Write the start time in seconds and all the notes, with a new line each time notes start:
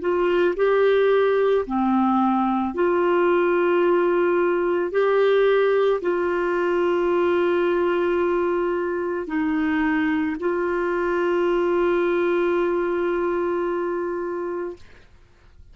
0.00 F4
0.56 G4
1.66 C4
2.74 F4
4.91 G4
6.01 F4
9.27 D#4
10.40 F4